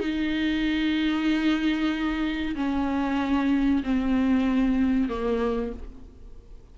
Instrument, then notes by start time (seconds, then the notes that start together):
viola
0.00 D#4
2.56 C#4
3.84 C4
5.09 A#3